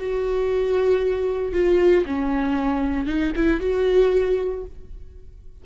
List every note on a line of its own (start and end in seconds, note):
0.00 1.53 F#4
1.53 2.05 F4
2.07 3.07 C#4
3.07 3.33 D#4
3.36 3.61 E4
3.61 4.65 F#4